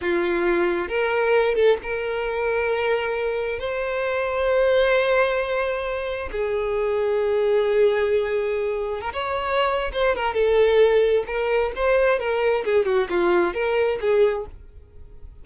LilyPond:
\new Staff \with { instrumentName = "violin" } { \time 4/4 \tempo 4 = 133 f'2 ais'4. a'8 | ais'1 | c''1~ | c''2 gis'2~ |
gis'1 | ais'16 cis''4.~ cis''16 c''8 ais'8 a'4~ | a'4 ais'4 c''4 ais'4 | gis'8 fis'8 f'4 ais'4 gis'4 | }